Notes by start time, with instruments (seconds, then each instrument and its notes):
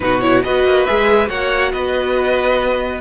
0.00 cello B2, viola D#4, violin F#4 B4
0.20 viola E4, violin C#5
0.43 cello B3, viola F#4, violin B4 D#5
0.64 cello A#3
0.85 cello G#3, viola G#4, violin E5
1.26 cello A#3, viola F#4, violin C#5 F#5
1.72 cello B3, violin B4 D#5